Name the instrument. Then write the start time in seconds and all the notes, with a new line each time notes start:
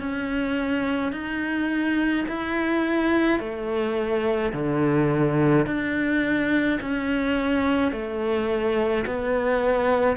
cello
0.00 C#4
1.13 D#4
2.28 E4
3.40 A3
4.53 D3
5.67 D4
6.81 C#4
7.92 A3
9.07 B3